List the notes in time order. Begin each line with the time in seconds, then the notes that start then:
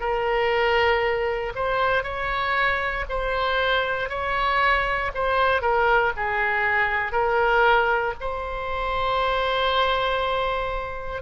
0.00 A#4
1.55 C5
2.03 C#5
3.09 C5
4.09 C#5
5.14 C5
5.62 A#4
6.16 G#4
7.12 A#4
8.20 C5